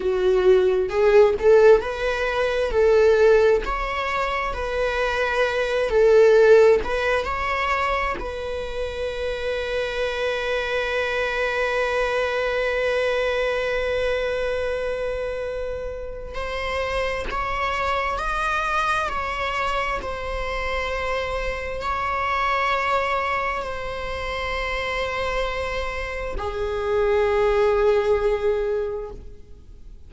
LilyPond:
\new Staff \with { instrumentName = "viola" } { \time 4/4 \tempo 4 = 66 fis'4 gis'8 a'8 b'4 a'4 | cis''4 b'4. a'4 b'8 | cis''4 b'2.~ | b'1~ |
b'2 c''4 cis''4 | dis''4 cis''4 c''2 | cis''2 c''2~ | c''4 gis'2. | }